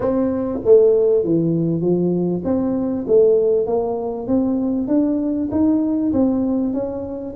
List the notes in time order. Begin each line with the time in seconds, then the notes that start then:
0.00 C4
0.64 A3
1.24 E3
1.81 F3
2.44 C4
3.07 A3
3.66 A#3
4.27 C4
4.87 D4
5.51 D#4
6.12 C4
6.73 C#4